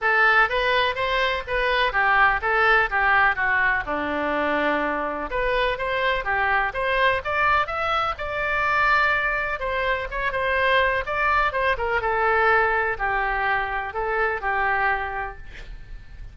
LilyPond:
\new Staff \with { instrumentName = "oboe" } { \time 4/4 \tempo 4 = 125 a'4 b'4 c''4 b'4 | g'4 a'4 g'4 fis'4 | d'2. b'4 | c''4 g'4 c''4 d''4 |
e''4 d''2. | c''4 cis''8 c''4. d''4 | c''8 ais'8 a'2 g'4~ | g'4 a'4 g'2 | }